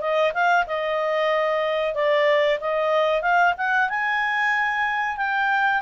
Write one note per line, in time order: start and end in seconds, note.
0.00 0.32 D#5
0.33 0.66 F5
0.66 1.94 D#5
1.94 2.59 D5
2.60 3.21 D#5
3.21 3.53 F5
3.57 3.89 F#5
3.89 5.17 G#5
5.17 5.81 G5